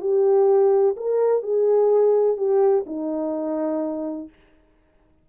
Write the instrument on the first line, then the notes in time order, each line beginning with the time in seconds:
horn
0.00 G4
0.96 A#4
1.42 G#4
2.37 G4
2.86 D#4